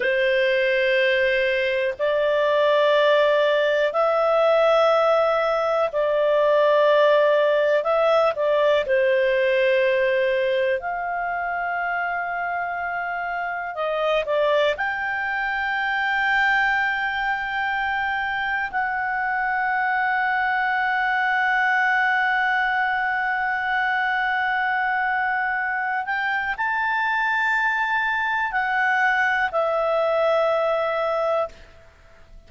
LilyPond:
\new Staff \with { instrumentName = "clarinet" } { \time 4/4 \tempo 4 = 61 c''2 d''2 | e''2 d''2 | e''8 d''8 c''2 f''4~ | f''2 dis''8 d''8 g''4~ |
g''2. fis''4~ | fis''1~ | fis''2~ fis''8 g''8 a''4~ | a''4 fis''4 e''2 | }